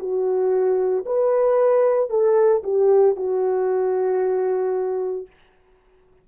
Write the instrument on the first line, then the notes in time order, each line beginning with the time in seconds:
horn
0.00 F#4
1.06 B4
2.11 A4
2.64 G4
3.17 F#4